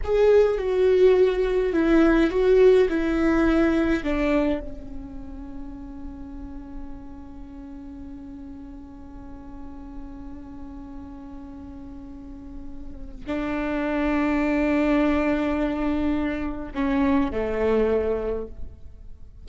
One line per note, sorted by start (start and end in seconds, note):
0.03 0.57 G#4
0.57 1.72 F#4
1.72 2.30 E4
2.30 2.88 F#4
2.89 4.03 E4
4.03 4.60 D4
4.60 13.25 C#4
13.26 16.73 D4
16.74 17.31 C#4
17.31 18.47 A3